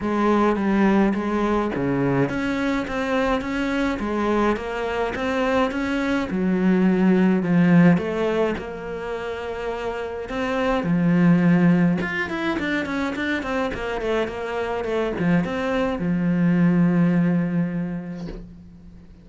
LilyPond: \new Staff \with { instrumentName = "cello" } { \time 4/4 \tempo 4 = 105 gis4 g4 gis4 cis4 | cis'4 c'4 cis'4 gis4 | ais4 c'4 cis'4 fis4~ | fis4 f4 a4 ais4~ |
ais2 c'4 f4~ | f4 f'8 e'8 d'8 cis'8 d'8 c'8 | ais8 a8 ais4 a8 f8 c'4 | f1 | }